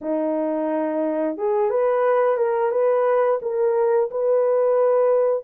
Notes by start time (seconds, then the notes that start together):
0.01 D#4
1.37 G#4
1.70 B4
2.37 A#4
2.71 B4
3.42 A#4
4.11 B4